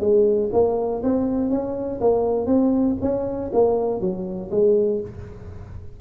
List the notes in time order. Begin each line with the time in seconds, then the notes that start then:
0.00 G#3
0.53 A#3
1.03 C4
1.50 C#4
2.01 A#3
2.46 C4
3.02 C#4
3.53 A#3
4.00 F#3
4.51 G#3